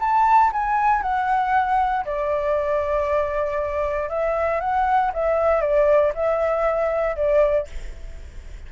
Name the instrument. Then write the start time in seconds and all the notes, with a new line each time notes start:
flute
0.00 A5
0.52 G#5
1.02 F#5
2.05 D5
4.09 E5
4.60 F#5
5.14 E5
5.61 D5
6.15 E5
7.16 D5